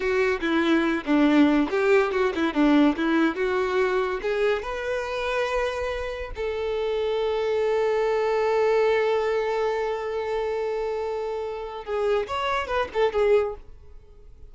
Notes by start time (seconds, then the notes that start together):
0.00 F#4
0.40 E4
1.05 D4
1.70 G4
2.11 F#4
2.35 E4
2.53 D4
2.97 E4
3.35 F#4
4.22 G#4
4.62 B4
6.35 A4
11.84 G#4
12.27 C#5
12.67 B4
12.93 A4
13.13 G#4